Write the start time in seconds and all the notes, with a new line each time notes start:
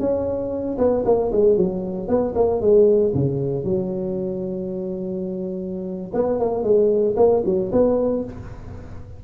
0.00 C#4
0.78 B3
1.06 A#3
1.32 G#3
1.57 F#3
2.08 B3
2.35 A#3
2.61 G#3
3.15 C#3
3.65 F#3
6.14 B3
6.40 A#3
6.64 G#3
7.17 A#3
7.46 F#3
7.72 B3